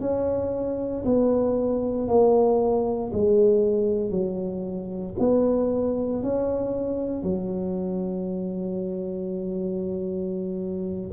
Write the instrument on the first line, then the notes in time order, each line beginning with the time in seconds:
tuba
0.00 C#4
1.05 B3
2.07 A#3
3.13 G#3
4.11 F#3
5.19 B3
6.22 C#4
7.23 F#3